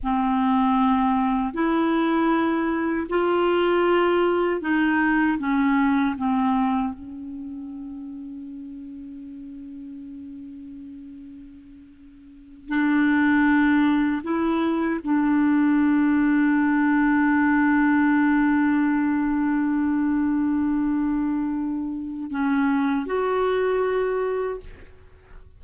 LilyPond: \new Staff \with { instrumentName = "clarinet" } { \time 4/4 \tempo 4 = 78 c'2 e'2 | f'2 dis'4 cis'4 | c'4 cis'2.~ | cis'1~ |
cis'8 d'2 e'4 d'8~ | d'1~ | d'1~ | d'4 cis'4 fis'2 | }